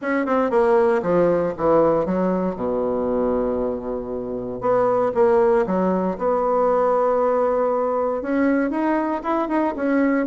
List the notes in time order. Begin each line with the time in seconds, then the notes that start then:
0.01 C#4
0.26 C4
0.50 A#3
1.02 F3
1.57 E3
2.05 F#3
2.55 B2
4.60 B3
5.14 A#3
5.66 F#3
6.17 B3
8.22 C#4
8.70 D#4
9.23 E4
9.48 D#4
9.76 C#4